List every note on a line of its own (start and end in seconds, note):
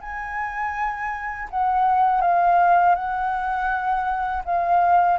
0.00 1.48 G#5
1.50 2.21 F#5
2.21 2.95 F5
2.95 4.43 F#5
4.44 5.19 F5